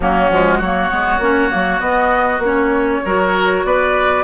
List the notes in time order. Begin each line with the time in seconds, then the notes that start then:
0.00 F#3 A#3 C#4 F#4
0.30 F3 G#3
0.58 F#3 F#4 C#5
0.64 A#3
0.89 G#3 B3
1.19 A#3 C#4
1.49 F#3 A#3
1.79 B3 D#5
2.38 A#3 C#4
2.45 C#5
3.04 F#3 F#4 A#4
3.64 B3 B4 D5